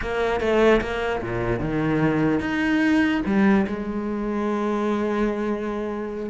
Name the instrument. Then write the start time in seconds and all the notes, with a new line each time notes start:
cello
0.01 A#3
0.40 A3
0.81 A#3
1.21 A#2
1.59 D#3
2.40 D#4
3.25 G3
3.67 G#3